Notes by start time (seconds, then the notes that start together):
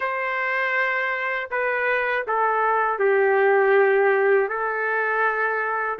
0.00 C5
1.50 B4
2.27 A4
2.99 G4
4.48 A4